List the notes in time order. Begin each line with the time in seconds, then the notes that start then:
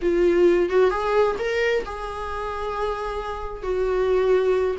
0.02 F4
0.69 F#4
0.90 G#4
1.38 A#4
1.85 G#4
3.62 F#4